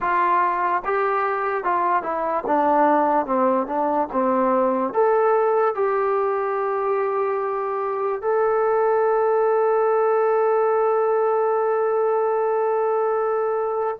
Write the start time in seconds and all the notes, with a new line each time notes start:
0.00 F4
0.84 G4
1.64 F4
2.02 E4
2.46 D4
3.26 C4
3.67 D4
4.12 C4
4.93 A4
5.75 G4
8.21 A4